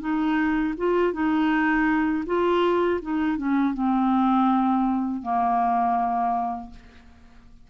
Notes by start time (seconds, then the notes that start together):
0.00 D#4
0.77 F4
1.13 D#4
2.26 F4
3.02 D#4
3.37 C#4
3.74 C4
5.22 A#3